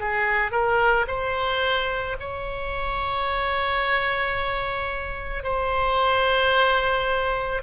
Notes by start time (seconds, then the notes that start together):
0.00 G#4
0.52 A#4
1.07 C5
2.20 C#5
5.43 C5